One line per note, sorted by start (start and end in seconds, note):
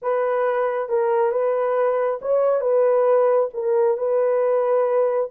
0.01 0.88 B4
0.88 1.31 A#4
1.31 2.19 B4
2.21 2.60 C#5
2.60 3.49 B4
3.53 3.97 A#4
3.97 5.30 B4